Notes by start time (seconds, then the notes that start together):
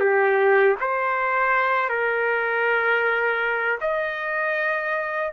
0.00 G4
0.80 C5
1.89 A#4
3.81 D#5